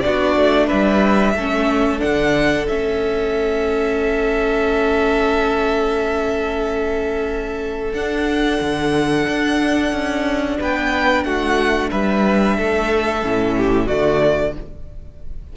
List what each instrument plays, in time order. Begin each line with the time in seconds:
0.00 cello B3, viola D4, violin F#4 D5
0.36 cello A3
0.67 cello G3, violin B4 E5
1.34 cello A3, viola C#4, violin A4
1.99 cello D3, viola D4, violin F#5
2.68 cello A3, viola C#4, violin E5
7.92 cello D4, violin F#5
7.99 viola D4
8.60 cello D3
9.27 cello D4
9.92 cello C#4
10.60 cello B3, violin B4 G5
11.23 cello A3, violin F#4 F#5
11.90 cello G3, violin B4 E5
12.56 cello A3, violin A4
13.22 cello A2, viola C#4
13.57 violin G4
13.86 cello D3, viola A3, violin F#4 D5